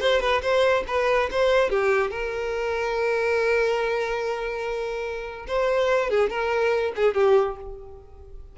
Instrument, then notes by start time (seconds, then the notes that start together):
violin
0.00 C5
0.20 B4
0.42 C5
0.87 B4
1.31 C5
1.70 G4
2.11 A#4
5.47 C5
6.10 G#4
6.30 A#4
6.96 G#4
7.14 G4